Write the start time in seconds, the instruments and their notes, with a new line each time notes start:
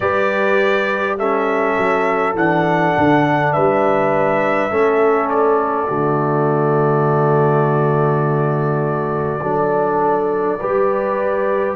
0.00 tuba G3, trombone G4, horn B4, trumpet D5
1.18 trombone C#4, horn A4, trumpet E5
1.76 tuba F#3
2.34 tuba E3, trombone D4, trumpet F#5
2.97 tuba D3
3.52 tuba G3, horn B4, trumpet E5
4.70 tuba A3, trombone C#4, horn A4
5.29 trumpet D5
5.87 tuba D3, trombone A3, horn F#4
9.40 tuba F#3, trombone D4, horn A4
10.59 tuba G3, trombone G4, horn B4